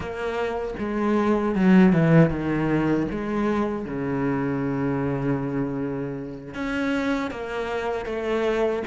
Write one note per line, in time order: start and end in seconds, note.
0.00 0.74 A#3
0.78 1.55 G#3
1.55 1.92 F#3
1.92 2.29 E3
2.29 3.06 D#3
3.10 3.85 G#3
3.85 6.54 C#3
6.54 7.30 C#4
7.30 8.05 A#3
8.05 8.82 A3